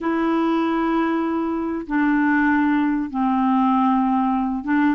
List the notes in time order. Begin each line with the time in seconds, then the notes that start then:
0.01 E4
1.86 D4
3.10 C4
4.64 D4